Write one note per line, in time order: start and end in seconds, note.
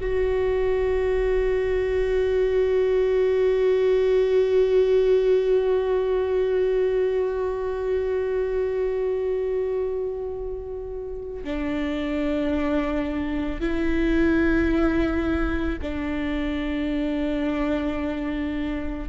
0.00 11.44 F#4
11.44 13.60 D4
13.60 15.78 E4
15.81 19.08 D4